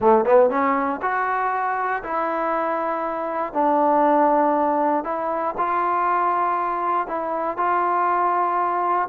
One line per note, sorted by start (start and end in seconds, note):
0.00 0.25 A3
0.25 0.50 B3
0.50 1.00 C#4
1.02 2.02 F#4
2.03 3.53 E4
3.53 5.04 D4
5.04 5.54 E4
5.57 7.07 F4
7.07 7.57 E4
7.57 9.08 F4